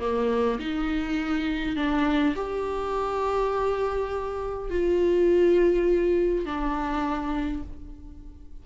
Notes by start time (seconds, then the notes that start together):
0.00 A#3
0.59 D#4
1.76 D4
2.36 G4
4.70 F4
6.45 D4